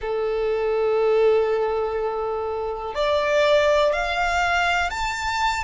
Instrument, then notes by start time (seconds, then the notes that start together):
violin
0.01 A4
2.94 D5
3.92 F5
4.90 A5